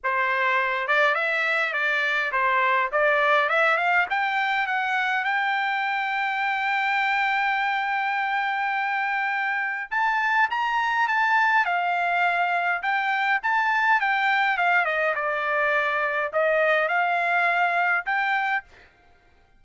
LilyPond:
\new Staff \with { instrumentName = "trumpet" } { \time 4/4 \tempo 4 = 103 c''4. d''8 e''4 d''4 | c''4 d''4 e''8 f''8 g''4 | fis''4 g''2.~ | g''1~ |
g''4 a''4 ais''4 a''4 | f''2 g''4 a''4 | g''4 f''8 dis''8 d''2 | dis''4 f''2 g''4 | }